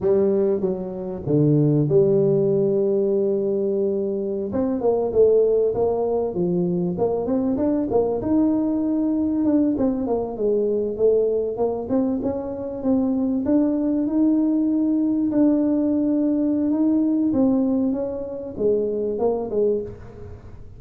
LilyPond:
\new Staff \with { instrumentName = "tuba" } { \time 4/4 \tempo 4 = 97 g4 fis4 d4 g4~ | g2.~ g16 c'8 ais16~ | ais16 a4 ais4 f4 ais8 c'16~ | c'16 d'8 ais8 dis'2 d'8 c'16~ |
c'16 ais8 gis4 a4 ais8 c'8 cis'16~ | cis'8. c'4 d'4 dis'4~ dis'16~ | dis'8. d'2~ d'16 dis'4 | c'4 cis'4 gis4 ais8 gis8 | }